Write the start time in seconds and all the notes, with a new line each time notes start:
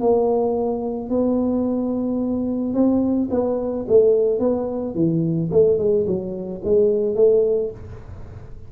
0.00 A#3
1.09 B3
2.74 C4
3.30 B3
3.88 A3
4.39 B3
4.94 E3
5.51 A3
5.78 G#3
6.06 F#3
6.64 G#3
7.15 A3